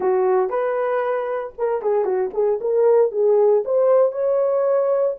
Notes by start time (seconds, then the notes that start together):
0.00 F#4
0.49 B4
1.58 A#4
1.82 G#4
2.04 F#4
2.33 G#4
2.60 A#4
3.11 G#4
3.64 C5
4.11 C#5